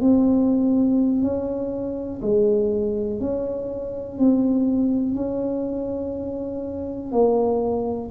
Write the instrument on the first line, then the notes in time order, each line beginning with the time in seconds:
tuba
0.00 C4
1.22 C#4
2.21 G#3
3.20 C#4
4.18 C4
5.15 C#4
7.12 A#3